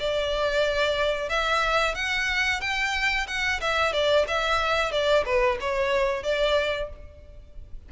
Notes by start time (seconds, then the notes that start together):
0.00 D5
1.29 E5
1.95 F#5
2.61 G5
3.28 F#5
3.61 E5
3.93 D5
4.28 E5
4.92 D5
5.25 B4
5.61 C#5
6.23 D5